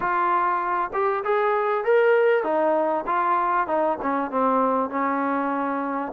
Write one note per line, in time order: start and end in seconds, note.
0.00 0.90 F4
0.93 1.23 G4
1.24 1.84 G#4
1.84 2.43 A#4
2.43 3.04 D#4
3.06 3.67 F4
3.67 3.98 D#4
4.01 4.30 C#4
4.30 4.90 C4
4.90 6.12 C#4